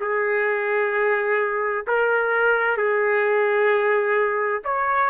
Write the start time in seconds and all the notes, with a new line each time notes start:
0.00 G#4
1.87 A#4
2.77 G#4
4.64 C#5